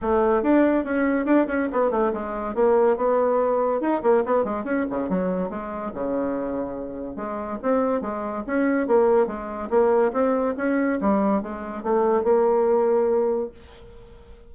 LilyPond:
\new Staff \with { instrumentName = "bassoon" } { \time 4/4 \tempo 4 = 142 a4 d'4 cis'4 d'8 cis'8 | b8 a8 gis4 ais4 b4~ | b4 dis'8 ais8 b8 gis8 cis'8 cis8 | fis4 gis4 cis2~ |
cis4 gis4 c'4 gis4 | cis'4 ais4 gis4 ais4 | c'4 cis'4 g4 gis4 | a4 ais2. | }